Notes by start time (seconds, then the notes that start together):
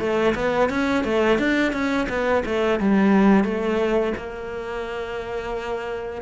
0.00 A3
0.35 B3
0.70 C#4
1.04 A3
1.39 D4
1.72 C#4
2.09 B3
2.45 A3
2.80 G3
3.44 A3
4.17 A#3